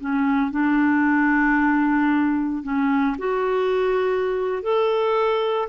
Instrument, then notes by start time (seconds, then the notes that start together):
clarinet
0.00 C#4
0.51 D4
2.63 C#4
3.18 F#4
4.62 A4